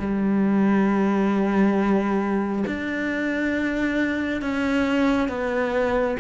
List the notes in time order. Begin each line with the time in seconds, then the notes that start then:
0.00 G3
2.67 D4
4.42 C#4
5.29 B3